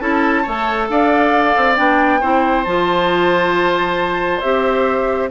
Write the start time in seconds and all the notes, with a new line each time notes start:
0.00 C#4 E4 A4 A5
0.43 A3 A4 C#5
0.89 D4 D5 F5
1.56 C4
1.75 B3 D4 G5
2.20 C4 E4 C5
2.64 F3 F4 A5
4.40 C4 G4 E5